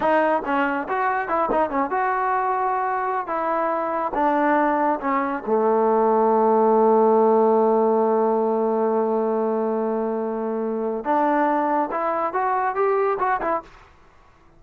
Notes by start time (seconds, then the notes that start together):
0.00 D#4
0.45 C#4
0.88 F#4
1.28 E4
1.51 D#4
1.69 C#4
1.90 F#4
3.26 E4
4.14 D4
5.00 C#4
5.46 A3
11.04 D4
11.91 E4
12.33 F#4
12.75 G4
13.19 F#4
13.41 E4